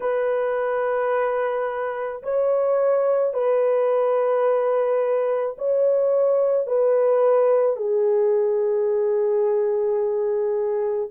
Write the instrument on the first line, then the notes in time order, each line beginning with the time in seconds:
horn
0.00 B4
2.22 C#5
3.33 B4
5.58 C#5
6.67 B4
7.76 G#4